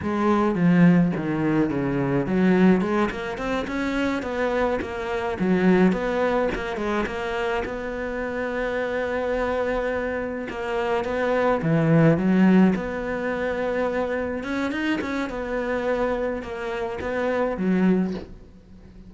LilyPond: \new Staff \with { instrumentName = "cello" } { \time 4/4 \tempo 4 = 106 gis4 f4 dis4 cis4 | fis4 gis8 ais8 c'8 cis'4 b8~ | b8 ais4 fis4 b4 ais8 | gis8 ais4 b2~ b8~ |
b2~ b8 ais4 b8~ | b8 e4 fis4 b4.~ | b4. cis'8 dis'8 cis'8 b4~ | b4 ais4 b4 fis4 | }